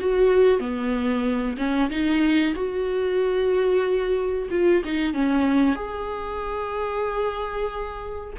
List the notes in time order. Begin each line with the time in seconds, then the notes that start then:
0.00 F#4
0.60 B3
1.58 C#4
1.91 D#4
2.55 F#4
4.51 F4
4.85 D#4
5.14 C#4
5.76 G#4